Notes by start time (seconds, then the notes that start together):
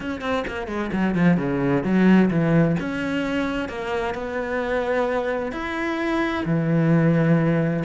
0.00 C#4
0.21 C4
0.47 A#3
0.67 G#3
0.92 F#3
1.15 F3
1.37 C#3
1.83 F#3
2.30 E3
2.79 C#4
3.69 A#3
4.14 B3
5.52 E4
6.45 E3